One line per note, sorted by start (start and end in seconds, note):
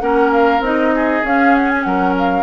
0.00 0.60 A#3
0.00 0.62 C#4
0.00 0.94 A#4
0.00 0.31 F#5
0.32 0.63 F5
0.60 1.21 C4
0.60 1.24 D#4
0.60 1.25 D#5
0.95 1.87 G#4
1.24 1.85 C#4
1.24 2.43 C#4
1.24 1.55 F5
1.55 1.70 F#5
1.70 1.83 G#5
1.83 2.43 F#3
1.83 2.43 A#4
1.83 2.14 F#5
2.19 2.43 F5